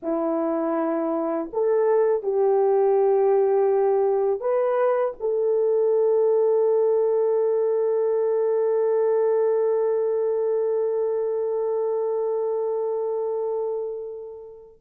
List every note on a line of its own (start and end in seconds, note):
0.02 1.50 E4
1.53 2.23 A4
2.23 4.40 G4
4.40 5.14 B4
5.20 14.81 A4